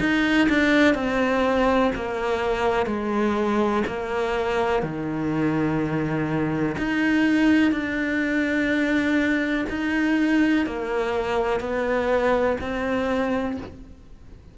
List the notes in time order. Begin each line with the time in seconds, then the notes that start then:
0.00 D#4
0.49 D4
0.95 C4
1.95 A#3
2.86 G#3
3.87 A#3
4.83 D#3
6.78 D#4
7.72 D4
9.70 D#4
10.67 A#3
11.60 B3
12.61 C4